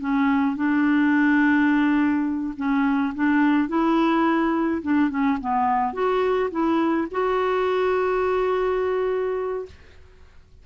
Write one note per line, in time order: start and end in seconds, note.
0.00 0.56 C#4
0.56 2.54 D4
2.57 3.14 C#4
3.15 3.68 D4
3.68 4.82 E4
4.82 5.10 D4
5.10 5.38 C#4
5.41 5.93 B3
5.93 6.50 F#4
6.51 7.08 E4
7.11 9.66 F#4